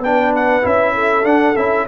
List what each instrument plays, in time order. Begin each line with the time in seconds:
0.00 tuba B3, trombone D4, horn B4, trumpet G5
0.36 trumpet F#5
0.62 tuba C#4, trombone E4, trumpet E5
0.95 horn A4
1.24 trombone D4, tuba D4, trumpet F#5
1.57 tuba C#4, trombone E4, trumpet E5